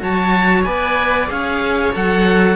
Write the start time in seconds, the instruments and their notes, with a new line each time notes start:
0.00 cello F#3 F#4, viola C#5, oboe A5
0.64 cello B3 B4, viola D5, oboe G#5
1.28 cello C#4 G#4, viola C#5, oboe F5
1.93 cello F#3 A4, oboe F#5